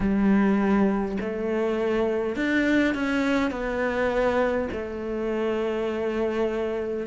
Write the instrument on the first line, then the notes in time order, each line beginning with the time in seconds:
cello
0.00 G3
1.20 A3
2.36 D4
2.94 C#4
3.50 B3
4.72 A3